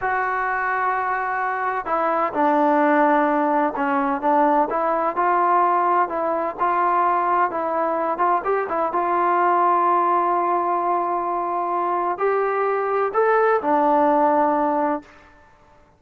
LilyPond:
\new Staff \with { instrumentName = "trombone" } { \time 4/4 \tempo 4 = 128 fis'1 | e'4 d'2. | cis'4 d'4 e'4 f'4~ | f'4 e'4 f'2 |
e'4. f'8 g'8 e'8 f'4~ | f'1~ | f'2 g'2 | a'4 d'2. | }